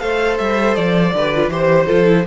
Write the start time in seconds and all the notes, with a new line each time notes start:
0.00 A3 A4 C5 F5
0.38 G3 E5
0.75 F3 D5
1.14 D3 G4 B4
1.35 F4
1.49 E3 G4 C5
1.87 F3 F4 A4
2.05 E4